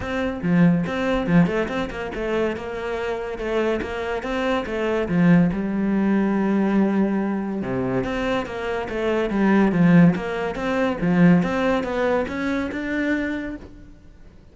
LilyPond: \new Staff \with { instrumentName = "cello" } { \time 4/4 \tempo 4 = 142 c'4 f4 c'4 f8 a8 | c'8 ais8 a4 ais2 | a4 ais4 c'4 a4 | f4 g2.~ |
g2 c4 c'4 | ais4 a4 g4 f4 | ais4 c'4 f4 c'4 | b4 cis'4 d'2 | }